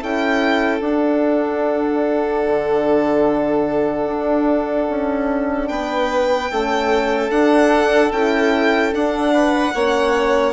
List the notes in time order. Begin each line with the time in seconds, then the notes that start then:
0.00 C#4 E4 A4 G5
0.80 D4 F#5
2.47 D3
4.06 D4
4.89 C#4
5.68 B3 B4 G5
6.51 A3 C#4 A4
7.30 D4 F#5
8.12 C#4 E4 G5
8.92 D4 F#5
9.33 B4
9.74 A#3 C#4 C#5